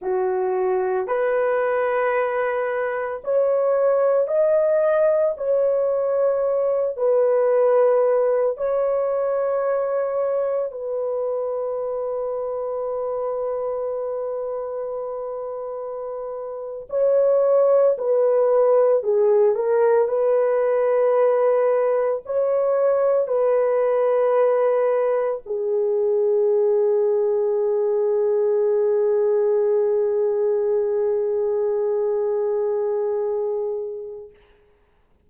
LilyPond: \new Staff \with { instrumentName = "horn" } { \time 4/4 \tempo 4 = 56 fis'4 b'2 cis''4 | dis''4 cis''4. b'4. | cis''2 b'2~ | b'2.~ b'8. cis''16~ |
cis''8. b'4 gis'8 ais'8 b'4~ b'16~ | b'8. cis''4 b'2 gis'16~ | gis'1~ | gis'1 | }